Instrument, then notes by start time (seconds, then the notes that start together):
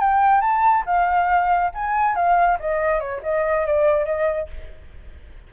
flute
0.00 G5
0.41 A5
0.86 F5
1.75 G#5
2.16 F5
2.60 D#5
3.00 C#5
3.24 D#5
3.66 D5
4.06 D#5